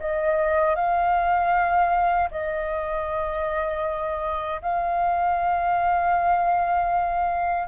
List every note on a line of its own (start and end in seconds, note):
0.00 0.75 D#5
0.75 2.29 F5
2.31 4.62 D#5
4.62 7.67 F5